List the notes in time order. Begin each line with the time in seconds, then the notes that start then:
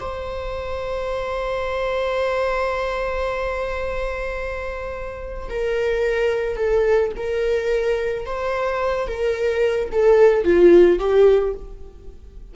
0.00 C5
5.49 A#4
6.56 A4
7.16 A#4
8.25 C5
9.07 A#4
9.92 A4
10.44 F4
10.99 G4